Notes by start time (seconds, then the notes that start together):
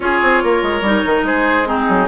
0.00 C#4 F4 G#4 C#5
0.22 C4
0.43 A#3 A#4
0.62 G#3
0.81 G3 D#4
1.05 D#3
1.23 G#3 G#4 C5
1.65 C4 D#4 G#4
1.88 F#3